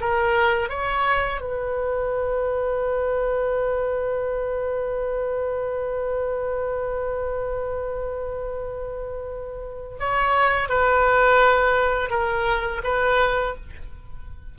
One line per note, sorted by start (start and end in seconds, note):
0.00 0.69 A#4
0.69 1.41 C#5
1.41 9.98 B4
9.99 10.68 C#5
10.68 12.10 B4
12.10 12.81 A#4
12.83 13.55 B4